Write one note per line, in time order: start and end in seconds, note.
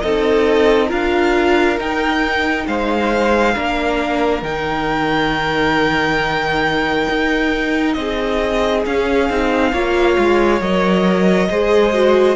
0.00 0.91 C4
0.00 0.89 D#4
0.00 0.88 A4
0.00 0.88 D#5
0.88 1.79 D4
0.88 1.77 F4
0.88 2.64 A#4
0.88 1.79 F5
1.78 3.54 D#4
1.78 2.67 D#4
1.78 2.67 G5
2.67 3.56 G#3
2.67 3.55 C5
2.67 4.43 F5
3.54 4.42 A#3
3.54 4.43 D4
3.54 7.96 A#4
4.42 7.07 D#3
4.42 8.86 D#4
4.42 7.93 G5
7.10 7.96 D#4
7.93 8.84 C4
7.93 8.81 D#5
7.99 9.72 G#4
8.86 9.30 C#4
8.86 10.61 F5
9.30 9.72 C4
9.30 9.74 D#4
9.72 10.17 A#3
9.72 10.61 F4
9.72 11.49 C#5
10.18 10.60 G#3
10.60 11.49 F#3
10.60 11.50 A#4
10.60 12.36 D#5
11.50 12.36 G#3
11.50 11.93 G#4
11.50 12.36 C5
11.93 12.36 F#4